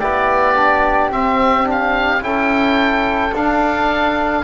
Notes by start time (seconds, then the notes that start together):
0.00 B3 E4 G4 D5
0.56 D4
1.11 C4 E5
1.65 D4
1.71 F5
2.21 C#4 E4 A4 G5
3.33 D4 F5